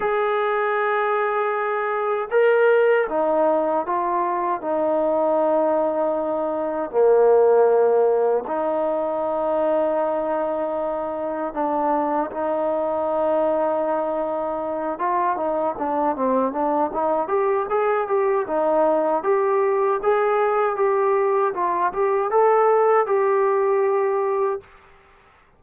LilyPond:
\new Staff \with { instrumentName = "trombone" } { \time 4/4 \tempo 4 = 78 gis'2. ais'4 | dis'4 f'4 dis'2~ | dis'4 ais2 dis'4~ | dis'2. d'4 |
dis'2.~ dis'8 f'8 | dis'8 d'8 c'8 d'8 dis'8 g'8 gis'8 g'8 | dis'4 g'4 gis'4 g'4 | f'8 g'8 a'4 g'2 | }